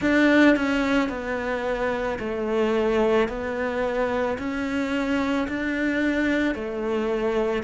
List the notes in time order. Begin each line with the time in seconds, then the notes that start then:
0.01 D4
0.56 C#4
1.09 B3
2.19 A3
3.28 B3
4.38 C#4
5.47 D4
6.55 A3